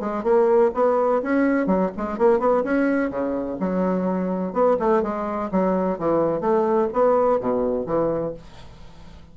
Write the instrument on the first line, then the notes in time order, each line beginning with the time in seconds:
bassoon
0.00 G#3
0.24 A#3
0.74 B3
1.23 C#4
1.67 F#3
1.97 G#3
2.18 A#3
2.40 B3
2.64 C#4
3.10 C#3
3.60 F#3
4.53 B3
4.79 A3
5.03 G#3
5.52 F#3
5.98 E3
6.41 A3
6.93 B3
7.40 B2
7.86 E3